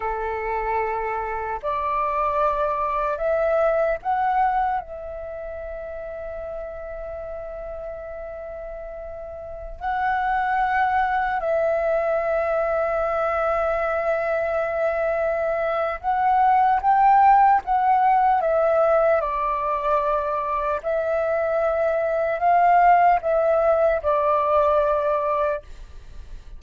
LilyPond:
\new Staff \with { instrumentName = "flute" } { \time 4/4 \tempo 4 = 75 a'2 d''2 | e''4 fis''4 e''2~ | e''1~ | e''16 fis''2 e''4.~ e''16~ |
e''1 | fis''4 g''4 fis''4 e''4 | d''2 e''2 | f''4 e''4 d''2 | }